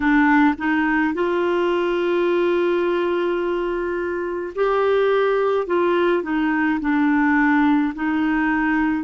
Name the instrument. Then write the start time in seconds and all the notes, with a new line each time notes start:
clarinet
0.00 D4
0.58 D#4
1.14 F4
4.55 G4
5.66 F4
6.23 D#4
6.80 D4
7.95 D#4